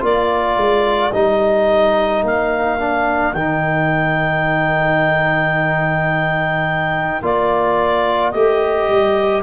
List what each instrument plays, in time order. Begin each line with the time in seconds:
0.00 tuba A#3, trombone F4, flute A#4, clarinet D5
0.57 tuba G#3
1.12 tuba G3, trombone D#4, clarinet D#5
2.23 tuba A#3, clarinet F5
2.79 trombone D4
3.33 tuba D#3, trombone D#4, clarinet G5
7.22 tuba A#3, trombone F4, clarinet D5
8.31 tuba A3, trombone G4, clarinet D#5
8.89 tuba G3